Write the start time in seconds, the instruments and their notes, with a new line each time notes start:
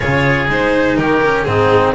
0.00 double bass C#3, cello F4, oboe G#4, violin C#5
0.47 double bass G#3, cello D#4, violin C5
0.96 double bass D#3, oboe G4, violin A#4
1.22 cello C#4
1.43 double bass G#2, cello C4, oboe D#4, violin G#4